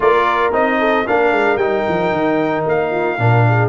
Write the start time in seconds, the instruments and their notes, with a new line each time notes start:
0.00 tuba A#3, trombone F4, horn A#4, trumpet D5
0.52 tuba C4, trombone D#4, trumpet D#5
0.79 horn A4
1.06 tuba A#3, trombone D4, horn A#4, trumpet F5
1.31 tuba G#3
1.56 tuba G3, trombone D#4, trumpet G5
1.88 tuba F3
2.11 tuba D#3
2.66 tuba A#3, trumpet F5
2.91 horn F4
3.18 tuba A#2, trombone D4, horn A#4
3.48 horn G#4